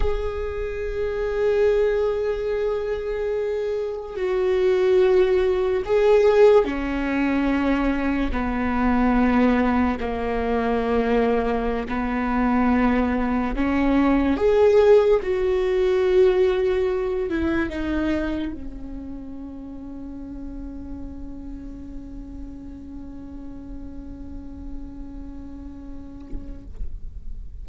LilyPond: \new Staff \with { instrumentName = "viola" } { \time 4/4 \tempo 4 = 72 gis'1~ | gis'4 fis'2 gis'4 | cis'2 b2 | ais2~ ais16 b4.~ b16~ |
b16 cis'4 gis'4 fis'4.~ fis'16~ | fis'8. e'8 dis'4 cis'4.~ cis'16~ | cis'1~ | cis'1 | }